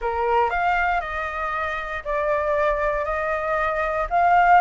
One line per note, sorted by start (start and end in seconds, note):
0.01 0.49 A#4
0.49 1.00 F5
1.00 2.03 D#5
2.04 3.04 D5
3.04 4.07 D#5
4.09 4.61 F5